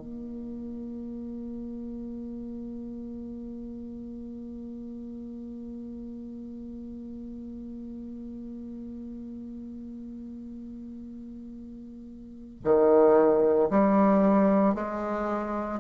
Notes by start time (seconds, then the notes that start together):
0.00 A#3
12.64 D#3
13.70 G3
14.75 G#3